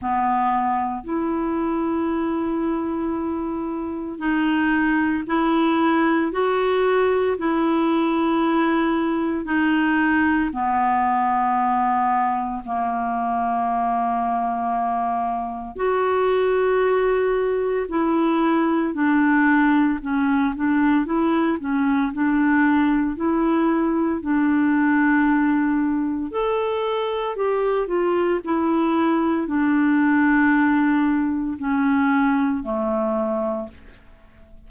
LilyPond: \new Staff \with { instrumentName = "clarinet" } { \time 4/4 \tempo 4 = 57 b4 e'2. | dis'4 e'4 fis'4 e'4~ | e'4 dis'4 b2 | ais2. fis'4~ |
fis'4 e'4 d'4 cis'8 d'8 | e'8 cis'8 d'4 e'4 d'4~ | d'4 a'4 g'8 f'8 e'4 | d'2 cis'4 a4 | }